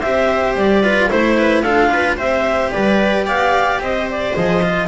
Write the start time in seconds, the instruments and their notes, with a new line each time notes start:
0.00 double bass C4, cello G4, viola C5, clarinet E5
0.56 double bass G3, clarinet D5
0.82 cello F4, viola B4
1.10 double bass A3, cello E4, clarinet C5, viola C5
1.38 viola B4
1.62 double bass D4, cello F4, viola A4, clarinet F5
1.93 viola B4
2.17 double bass C4, cello G4, viola C5, clarinet E5
2.72 double bass G3, viola B4, clarinet D5
3.26 double bass B3, viola D5, clarinet F5
3.79 double bass C4, viola C5, clarinet D#5
4.10 clarinet D5
4.34 double bass F3, cello G#4, clarinet D#5
4.62 cello F4